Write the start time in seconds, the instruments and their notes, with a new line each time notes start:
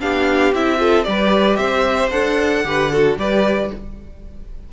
0.00 cello B3, viola D4, violin G4 F5
0.53 cello C4, viola E4, violin E5
0.78 viola F4, violin A4
1.03 cello G3, viola G4, violin B4 D5
1.56 cello C4, violin C5 E5
2.10 cello D4, viola A4, violin F#5
2.64 cello D3, viola G4, violin B4
2.92 viola F#4, violin A4
3.17 cello G3, viola G4, violin B4 D5